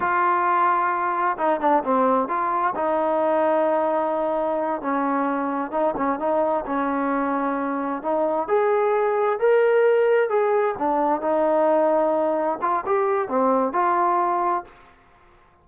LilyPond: \new Staff \with { instrumentName = "trombone" } { \time 4/4 \tempo 4 = 131 f'2. dis'8 d'8 | c'4 f'4 dis'2~ | dis'2~ dis'8 cis'4.~ | cis'8 dis'8 cis'8 dis'4 cis'4.~ |
cis'4. dis'4 gis'4.~ | gis'8 ais'2 gis'4 d'8~ | d'8 dis'2. f'8 | g'4 c'4 f'2 | }